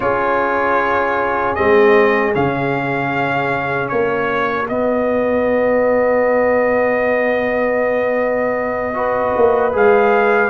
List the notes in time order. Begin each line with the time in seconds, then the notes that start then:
0.00 C#4 F4 G#4 C#5
1.55 G#3 C4 D#5
2.32 C#3 C#4 F5
3.88 A#3 F#4 C#5
4.67 B3 D#5
8.94 F#4 B4
9.36 A#3
9.72 G#3 G#4 F5